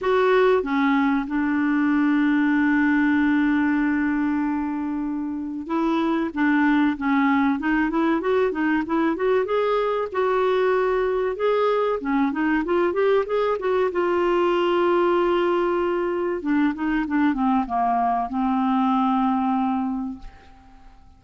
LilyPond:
\new Staff \with { instrumentName = "clarinet" } { \time 4/4 \tempo 4 = 95 fis'4 cis'4 d'2~ | d'1~ | d'4 e'4 d'4 cis'4 | dis'8 e'8 fis'8 dis'8 e'8 fis'8 gis'4 |
fis'2 gis'4 cis'8 dis'8 | f'8 g'8 gis'8 fis'8 f'2~ | f'2 d'8 dis'8 d'8 c'8 | ais4 c'2. | }